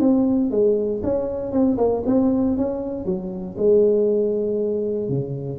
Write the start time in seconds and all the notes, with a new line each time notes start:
0.00 C4
0.51 G#3
1.03 C#4
1.52 C4
1.78 A#3
2.06 C4
2.57 C#4
3.05 F#3
3.58 G#3
5.09 C#3